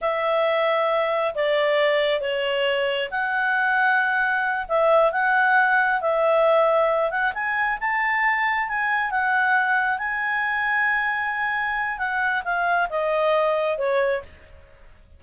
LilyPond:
\new Staff \with { instrumentName = "clarinet" } { \time 4/4 \tempo 4 = 135 e''2. d''4~ | d''4 cis''2 fis''4~ | fis''2~ fis''8 e''4 fis''8~ | fis''4. e''2~ e''8 |
fis''8 gis''4 a''2 gis''8~ | gis''8 fis''2 gis''4.~ | gis''2. fis''4 | f''4 dis''2 cis''4 | }